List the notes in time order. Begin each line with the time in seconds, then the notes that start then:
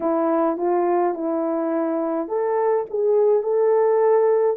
0.00 E4
0.57 F4
1.14 E4
2.28 A4
2.89 G#4
3.42 A4